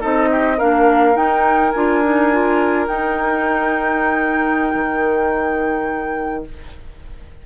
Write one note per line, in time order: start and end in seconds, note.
0.00 0.61 C4
0.00 0.58 D#4
0.00 0.29 A4
0.00 0.59 D#5
0.31 0.57 G4
0.57 1.15 A#3
0.57 1.14 D4
0.57 6.43 A#4
0.57 1.16 F5
1.14 1.71 D#4
1.14 1.72 D#4
1.14 1.71 G5
1.71 2.88 D4
1.71 2.03 F4
1.71 2.86 G#5
2.03 2.32 D#4
2.32 2.87 F4
2.87 6.45 D#4
2.87 4.73 D#4
2.87 6.44 G5
4.74 6.45 D#3